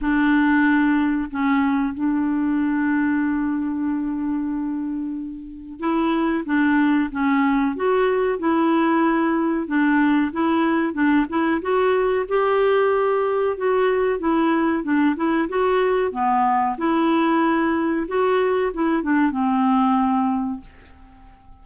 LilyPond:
\new Staff \with { instrumentName = "clarinet" } { \time 4/4 \tempo 4 = 93 d'2 cis'4 d'4~ | d'1~ | d'4 e'4 d'4 cis'4 | fis'4 e'2 d'4 |
e'4 d'8 e'8 fis'4 g'4~ | g'4 fis'4 e'4 d'8 e'8 | fis'4 b4 e'2 | fis'4 e'8 d'8 c'2 | }